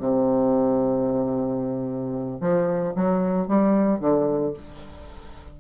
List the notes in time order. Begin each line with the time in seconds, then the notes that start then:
0.00 C3
2.41 F3
2.96 F#3
3.48 G3
4.00 D3